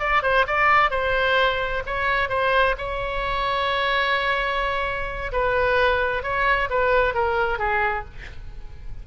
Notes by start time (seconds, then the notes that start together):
0.00 D5
0.23 C5
0.47 D5
0.91 C5
1.86 C#5
2.30 C5
2.78 C#5
5.32 B4
6.23 C#5
6.70 B4
7.15 A#4
7.59 G#4